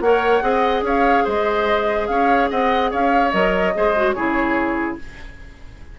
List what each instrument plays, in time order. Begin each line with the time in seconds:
0.00 bassoon A#3, clarinet A#4, oboe C#5, flute F#5
0.42 bassoon C4, clarinet G#4, oboe D#5
0.82 bassoon C#4, oboe C#5, flute F5
1.24 bassoon G#3, oboe C5, flute D#5
2.07 bassoon C#4, oboe C#5, flute F5
2.50 bassoon C4, oboe D#5, flute F#5
2.90 bassoon C#4, oboe C#5, flute F5
3.31 bassoon F#3, clarinet A#4, flute D#5
3.74 bassoon G#3, clarinet G#4, oboe C5
3.96 clarinet F#4
4.12 bassoon C#3, clarinet E4, oboe G#4, flute C#5